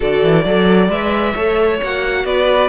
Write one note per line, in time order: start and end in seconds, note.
0.00 0.23 D3
0.00 0.45 F#4
0.00 0.43 A4
0.00 0.90 D5
0.23 0.44 E3
0.43 0.88 F#3
0.43 0.89 A4
0.43 1.33 D5
0.88 1.33 G#3
0.88 1.34 B4
0.88 1.81 E5
1.33 1.81 A3
1.33 1.81 A4
1.33 2.23 C#5
1.83 2.24 A#3
1.83 2.69 F#4
1.83 2.25 F#5
2.24 2.69 B3
2.24 2.69 B4
2.24 2.69 D5